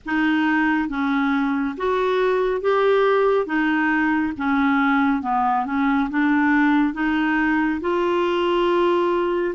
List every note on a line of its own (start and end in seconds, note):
0.05 0.89 D#4
0.89 1.75 C#4
1.77 2.61 F#4
2.61 3.46 G4
3.46 4.33 D#4
4.37 5.22 C#4
5.22 5.65 B3
5.65 6.09 C#4
6.09 6.93 D4
6.93 7.80 D#4
7.81 9.55 F4